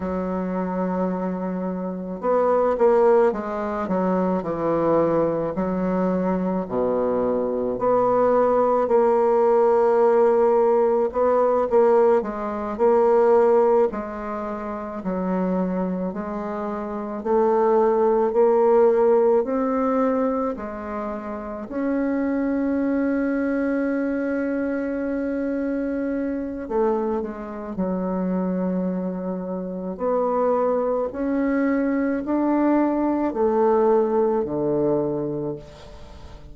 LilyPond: \new Staff \with { instrumentName = "bassoon" } { \time 4/4 \tempo 4 = 54 fis2 b8 ais8 gis8 fis8 | e4 fis4 b,4 b4 | ais2 b8 ais8 gis8 ais8~ | ais8 gis4 fis4 gis4 a8~ |
a8 ais4 c'4 gis4 cis'8~ | cis'1 | a8 gis8 fis2 b4 | cis'4 d'4 a4 d4 | }